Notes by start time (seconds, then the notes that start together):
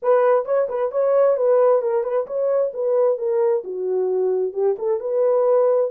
0.02 B4
0.45 C#5
0.69 B4
0.91 C#5
1.36 B4
1.81 A#4
2.03 B4
2.26 C#5
2.73 B4
3.18 A#4
3.64 F#4
4.53 G4
4.78 A4
5.00 B4